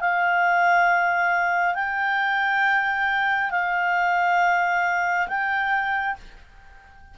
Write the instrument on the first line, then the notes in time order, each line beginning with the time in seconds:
clarinet
0.00 F5
1.74 G5
3.51 F5
5.28 G5